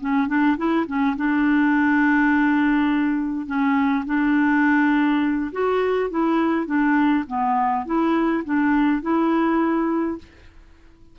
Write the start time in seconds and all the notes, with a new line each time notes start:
0.00 C#4
0.27 D4
0.57 E4
0.86 C#4
1.16 D4
3.46 C#4
4.05 D4
5.52 F#4
6.10 E4
6.66 D4
7.27 B3
7.85 E4
8.44 D4
9.02 E4